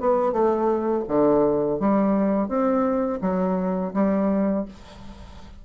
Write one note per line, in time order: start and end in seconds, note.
0.00 0.33 B3
0.33 1.04 A3
1.08 1.80 D3
1.80 2.48 G3
2.48 3.20 C4
3.21 3.93 F#3
3.94 4.65 G3